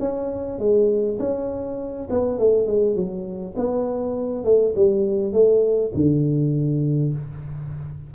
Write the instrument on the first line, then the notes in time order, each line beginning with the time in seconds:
tuba
0.00 C#4
0.59 G#3
1.20 C#4
2.10 B3
2.39 A3
2.67 G#3
2.96 F#3
3.57 B3
4.45 A3
4.76 G3
5.33 A3
5.95 D3